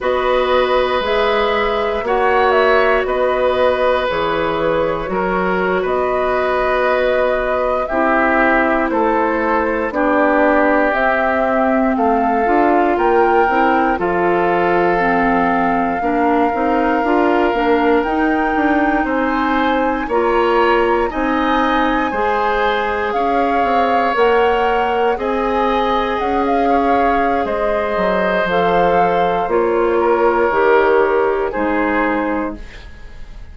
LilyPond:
<<
  \new Staff \with { instrumentName = "flute" } { \time 4/4 \tempo 4 = 59 dis''4 e''4 fis''8 e''8 dis''4 | cis''4.~ cis''16 dis''2 e''16~ | e''8. c''4 d''4 e''4 f''16~ | f''8. g''4 f''2~ f''16~ |
f''4.~ f''16 g''4 gis''4 ais''16~ | ais''8. gis''2 f''4 fis''16~ | fis''8. gis''4 fis''16 f''4 dis''4 | f''4 cis''2 c''4 | }
  \new Staff \with { instrumentName = "oboe" } { \time 4/4 b'2 cis''4 b'4~ | b'4 ais'8. b'2 g'16~ | g'8. a'4 g'2 a'16~ | a'8. ais'4 a'2 ais'16~ |
ais'2~ ais'8. c''4 cis''16~ | cis''8. dis''4 c''4 cis''4~ cis''16~ | cis''8. dis''4. cis''8. c''4~ | c''4. ais'4. gis'4 | }
  \new Staff \with { instrumentName = "clarinet" } { \time 4/4 fis'4 gis'4 fis'2 | gis'4 fis'2~ fis'8. e'16~ | e'4.~ e'16 d'4 c'4~ c'16~ | c'16 f'4 e'8 f'4 c'4 d'16~ |
d'16 dis'8 f'8 d'8 dis'2 f'16~ | f'8. dis'4 gis'2 ais'16~ | ais'8. gis'2.~ gis'16 | a'4 f'4 g'4 dis'4 | }
  \new Staff \with { instrumentName = "bassoon" } { \time 4/4 b4 gis4 ais4 b4 | e4 fis8. b2 c'16~ | c'8. a4 b4 c'4 a16~ | a16 d'8 ais8 c'8 f2 ais16~ |
ais16 c'8 d'8 ais8 dis'8 d'8 c'4 ais16~ | ais8. c'4 gis4 cis'8 c'8 ais16~ | ais8. c'4 cis'4~ cis'16 gis8 fis8 | f4 ais4 dis4 gis4 | }
>>